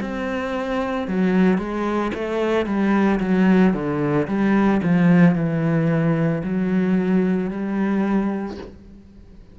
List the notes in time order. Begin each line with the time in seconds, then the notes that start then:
0.00 C4
1.07 F#3
1.57 G#3
2.14 A3
2.65 G3
3.20 F#3
3.73 D3
4.28 G3
4.83 F3
5.35 E3
6.43 F#3
7.50 G3